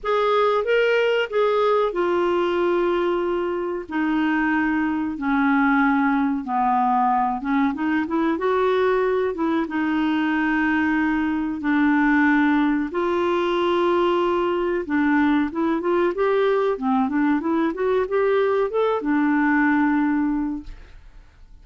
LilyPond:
\new Staff \with { instrumentName = "clarinet" } { \time 4/4 \tempo 4 = 93 gis'4 ais'4 gis'4 f'4~ | f'2 dis'2 | cis'2 b4. cis'8 | dis'8 e'8 fis'4. e'8 dis'4~ |
dis'2 d'2 | f'2. d'4 | e'8 f'8 g'4 c'8 d'8 e'8 fis'8 | g'4 a'8 d'2~ d'8 | }